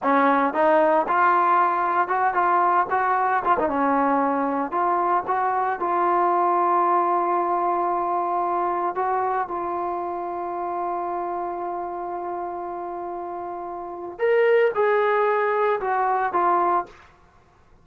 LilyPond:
\new Staff \with { instrumentName = "trombone" } { \time 4/4 \tempo 4 = 114 cis'4 dis'4 f'2 | fis'8 f'4 fis'4 f'16 dis'16 cis'4~ | cis'4 f'4 fis'4 f'4~ | f'1~ |
f'4 fis'4 f'2~ | f'1~ | f'2. ais'4 | gis'2 fis'4 f'4 | }